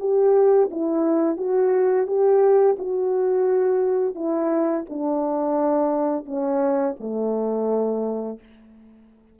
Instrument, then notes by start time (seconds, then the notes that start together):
horn
0.00 G4
0.71 E4
1.37 F#4
2.07 G4
2.79 F#4
4.15 E4
4.90 D4
6.26 C#4
7.00 A3